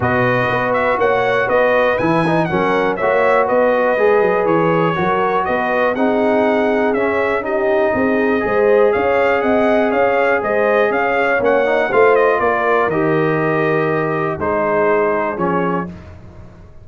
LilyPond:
<<
  \new Staff \with { instrumentName = "trumpet" } { \time 4/4 \tempo 4 = 121 dis''4. e''8 fis''4 dis''4 | gis''4 fis''4 e''4 dis''4~ | dis''4 cis''2 dis''4 | fis''2 e''4 dis''4~ |
dis''2 f''4 fis''4 | f''4 dis''4 f''4 fis''4 | f''8 dis''8 d''4 dis''2~ | dis''4 c''2 cis''4 | }
  \new Staff \with { instrumentName = "horn" } { \time 4/4 b'2 cis''4 b'4~ | b'4 ais'4 cis''4 b'4~ | b'2 ais'4 b'4 | gis'2. g'4 |
gis'4 c''4 cis''4 dis''4 | cis''4 c''4 cis''2 | c''4 ais'2.~ | ais'4 gis'2. | }
  \new Staff \with { instrumentName = "trombone" } { \time 4/4 fis'1 | e'8 dis'8 cis'4 fis'2 | gis'2 fis'2 | dis'2 cis'4 dis'4~ |
dis'4 gis'2.~ | gis'2. cis'8 dis'8 | f'2 g'2~ | g'4 dis'2 cis'4 | }
  \new Staff \with { instrumentName = "tuba" } { \time 4/4 b,4 b4 ais4 b4 | e4 fis4 ais4 b4 | gis8 fis8 e4 fis4 b4 | c'2 cis'2 |
c'4 gis4 cis'4 c'4 | cis'4 gis4 cis'4 ais4 | a4 ais4 dis2~ | dis4 gis2 f4 | }
>>